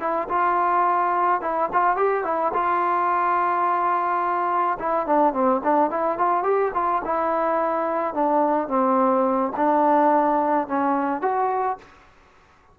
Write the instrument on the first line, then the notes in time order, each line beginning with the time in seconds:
trombone
0.00 E4
0.29 F4
1.41 E4
1.73 F4
1.97 G4
2.24 E4
2.54 F4
4.79 E4
5.06 D4
5.33 C4
5.64 D4
5.91 E4
6.18 F4
6.43 G4
6.74 F4
7.05 E4
8.14 D4
8.68 C4
9.56 D4
10.68 C#4
11.22 F#4